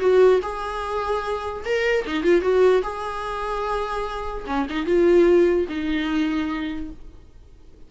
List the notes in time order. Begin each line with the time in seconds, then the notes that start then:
0.00 F#4
0.42 G#4
1.65 A#4
2.07 D#4
2.24 F4
2.42 F#4
2.83 G#4
4.47 C#4
4.70 D#4
4.86 F4
5.69 D#4